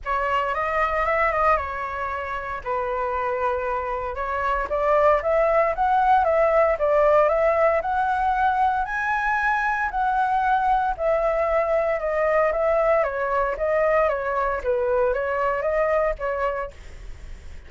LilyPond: \new Staff \with { instrumentName = "flute" } { \time 4/4 \tempo 4 = 115 cis''4 dis''4 e''8 dis''8 cis''4~ | cis''4 b'2. | cis''4 d''4 e''4 fis''4 | e''4 d''4 e''4 fis''4~ |
fis''4 gis''2 fis''4~ | fis''4 e''2 dis''4 | e''4 cis''4 dis''4 cis''4 | b'4 cis''4 dis''4 cis''4 | }